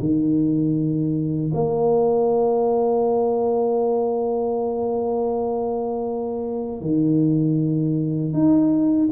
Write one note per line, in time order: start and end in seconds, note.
0.00 1.52 D#3
1.54 6.81 A#3
6.81 8.33 D#3
8.33 9.09 D#4